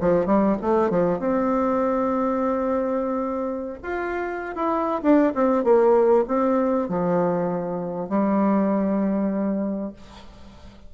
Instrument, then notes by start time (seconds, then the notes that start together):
bassoon
0.00 F3
0.26 G3
0.62 A3
0.90 F3
1.19 C4
3.83 F4
4.56 E4
5.02 D4
5.35 C4
5.64 A#3
6.28 C4
6.89 F3
8.09 G3